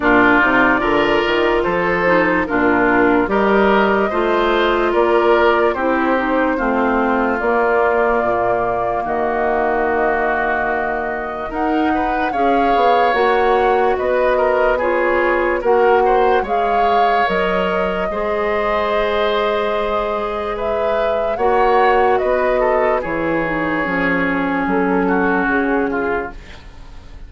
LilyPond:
<<
  \new Staff \with { instrumentName = "flute" } { \time 4/4 \tempo 4 = 73 d''2 c''4 ais'4 | dis''2 d''4 c''4~ | c''4 d''2 dis''4~ | dis''2 fis''4 f''4 |
fis''4 dis''4 cis''4 fis''4 | f''4 dis''2.~ | dis''4 e''4 fis''4 dis''4 | cis''2 a'4 gis'4 | }
  \new Staff \with { instrumentName = "oboe" } { \time 4/4 f'4 ais'4 a'4 f'4 | ais'4 c''4 ais'4 g'4 | f'2. fis'4~ | fis'2 ais'8 b'8 cis''4~ |
cis''4 b'8 ais'8 gis'4 ais'8 c''8 | cis''2 c''2~ | c''4 b'4 cis''4 b'8 a'8 | gis'2~ gis'8 fis'4 f'8 | }
  \new Staff \with { instrumentName = "clarinet" } { \time 4/4 d'8 dis'8 f'4. dis'8 d'4 | g'4 f'2 e'8 dis'8 | c'4 ais2.~ | ais2 dis'4 gis'4 |
fis'2 f'4 fis'4 | gis'4 ais'4 gis'2~ | gis'2 fis'2 | e'8 dis'8 cis'2. | }
  \new Staff \with { instrumentName = "bassoon" } { \time 4/4 ais,8 c8 d8 dis8 f4 ais,4 | g4 a4 ais4 c'4 | a4 ais4 ais,4 dis4~ | dis2 dis'4 cis'8 b8 |
ais4 b2 ais4 | gis4 fis4 gis2~ | gis2 ais4 b4 | e4 f4 fis4 cis4 | }
>>